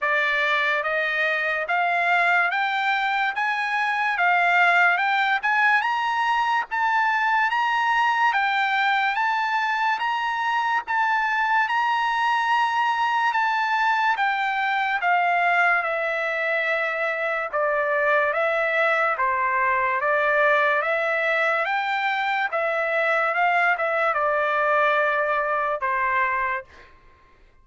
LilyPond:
\new Staff \with { instrumentName = "trumpet" } { \time 4/4 \tempo 4 = 72 d''4 dis''4 f''4 g''4 | gis''4 f''4 g''8 gis''8 ais''4 | a''4 ais''4 g''4 a''4 | ais''4 a''4 ais''2 |
a''4 g''4 f''4 e''4~ | e''4 d''4 e''4 c''4 | d''4 e''4 g''4 e''4 | f''8 e''8 d''2 c''4 | }